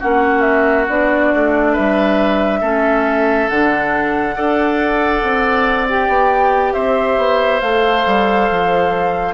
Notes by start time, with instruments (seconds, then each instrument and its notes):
0.00 bassoon A#3, clarinet C#4, oboe F#4, flute F#5
0.41 flute E5
0.89 bassoon B3, clarinet D4, flute D5
1.34 bassoon A3
1.73 bassoon G3, oboe B4, flute E5
2.61 bassoon A3, clarinet C#4, oboe A4
3.49 bassoon D3, clarinet D4, flute F#5
4.35 bassoon D4, clarinet A4, oboe D5
5.23 bassoon C4
5.89 clarinet G4, flute G5
6.08 bassoon B3
6.74 bassoon C4, oboe C5, flute E5
7.18 bassoon B3
7.60 bassoon A3, clarinet A4, flute F5
8.07 bassoon G3
8.51 bassoon F3